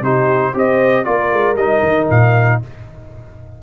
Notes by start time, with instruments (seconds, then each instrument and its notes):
0.00 tuba C3, trombone D#4, horn G4, trumpet C5
0.53 tuba C4, trombone G4, horn C5, trumpet D#5
1.04 tuba A#3, trombone F4, horn A#4, trumpet D5
1.32 tuba G#3
1.54 tuba G3, trombone D#4, trumpet D#5
1.82 tuba D#3
2.10 tuba A#2, trumpet F5